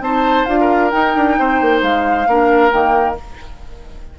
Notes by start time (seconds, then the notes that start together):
0.00 C4 D#4 C5 A5
0.45 D4 F4 F5
0.61 A#4
0.91 D#4 G5
1.16 D4
1.39 C4 C5
1.62 A#3
1.83 G#3 F5
2.27 A#3 D4 A#4
2.71 D#3 A#3 G5